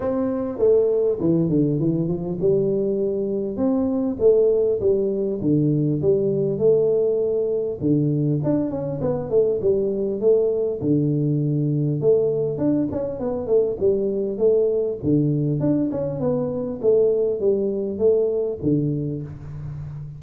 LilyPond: \new Staff \with { instrumentName = "tuba" } { \time 4/4 \tempo 4 = 100 c'4 a4 e8 d8 e8 f8 | g2 c'4 a4 | g4 d4 g4 a4~ | a4 d4 d'8 cis'8 b8 a8 |
g4 a4 d2 | a4 d'8 cis'8 b8 a8 g4 | a4 d4 d'8 cis'8 b4 | a4 g4 a4 d4 | }